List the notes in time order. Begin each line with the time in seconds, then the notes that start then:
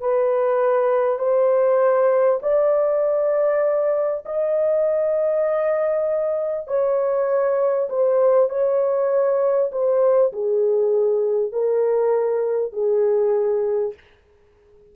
0.00 B4
1.18 C5
2.42 D5
4.25 D#5
6.67 C#5
7.89 C5
8.49 C#5
9.71 C5
10.32 G#4
11.52 A#4
12.72 G#4